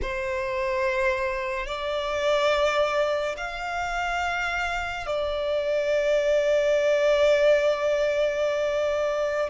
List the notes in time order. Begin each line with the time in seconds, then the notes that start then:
0.02 C5
1.66 D5
3.37 F5
5.06 D5